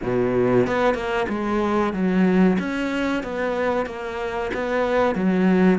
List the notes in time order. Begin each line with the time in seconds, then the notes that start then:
0.02 B2
0.67 B3
0.94 A#3
1.28 G#3
1.93 F#3
2.59 C#4
3.23 B3
3.86 A#3
4.54 B3
5.15 F#3